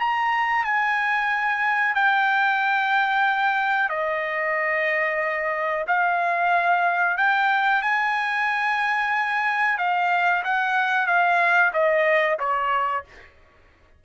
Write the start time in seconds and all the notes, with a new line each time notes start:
0.00 A#5
0.65 G#5
1.95 G5
3.90 D#5
5.88 F5
7.18 G5
7.83 G#5
9.79 F5
10.44 F#5
11.07 F5
11.74 D#5
12.39 C#5